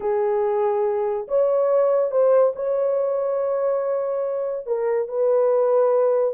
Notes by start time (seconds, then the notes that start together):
0.00 G#4
1.28 C#5
2.11 C5
2.55 C#5
4.66 A#4
5.08 B4